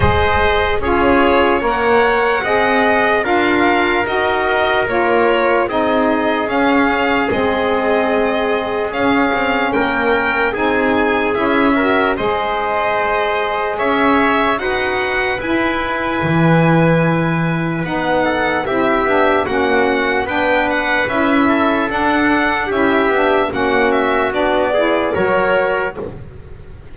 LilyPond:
<<
  \new Staff \with { instrumentName = "violin" } { \time 4/4 \tempo 4 = 74 dis''4 cis''4 fis''2 | f''4 dis''4 cis''4 dis''4 | f''4 dis''2 f''4 | g''4 gis''4 e''4 dis''4~ |
dis''4 e''4 fis''4 gis''4~ | gis''2 fis''4 e''4 | fis''4 g''8 fis''8 e''4 fis''4 | e''4 fis''8 e''8 d''4 cis''4 | }
  \new Staff \with { instrumentName = "trumpet" } { \time 4/4 c''4 gis'4 cis''4 dis''4 | ais'2. gis'4~ | gis'1 | ais'4 gis'4. ais'8 c''4~ |
c''4 cis''4 b'2~ | b'2~ b'8 a'8 g'4 | fis'4 b'4. a'4. | g'4 fis'4. gis'8 ais'4 | }
  \new Staff \with { instrumentName = "saxophone" } { \time 4/4 gis'4 f'4 ais'4 gis'4 | f'4 fis'4 f'4 dis'4 | cis'4 c'2 cis'4~ | cis'4 dis'4 e'8 fis'8 gis'4~ |
gis'2 fis'4 e'4~ | e'2 dis'4 e'8 d'8 | cis'4 d'4 e'4 d'4 | e'8 d'8 cis'4 d'8 e'8 fis'4 | }
  \new Staff \with { instrumentName = "double bass" } { \time 4/4 gis4 cis'4 ais4 c'4 | d'4 dis'4 ais4 c'4 | cis'4 gis2 cis'8 c'8 | ais4 c'4 cis'4 gis4~ |
gis4 cis'4 dis'4 e'4 | e2 b4 c'8 b8 | ais4 b4 cis'4 d'4 | cis'8 b8 ais4 b4 fis4 | }
>>